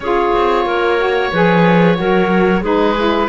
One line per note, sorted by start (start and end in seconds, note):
0.00 0.30 C#4
0.00 0.98 F4
0.00 0.65 G#4
0.00 2.64 C#5
0.35 0.65 C4
0.65 1.31 A#3
0.65 1.31 A#4
0.98 1.31 F#4
1.32 1.98 F3
1.32 1.95 G#4
1.32 1.98 B4
1.95 2.62 F#3
1.95 2.61 F#4
1.95 2.62 A#4
2.62 3.28 G#3
2.62 2.95 D#4
2.62 3.28 G#4
2.62 3.29 B4
2.97 3.29 E4